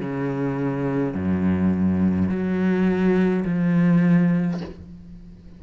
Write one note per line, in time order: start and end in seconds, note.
0.00 1.13 C#3
1.13 2.29 F#2
2.29 3.44 F#3
3.45 4.60 F3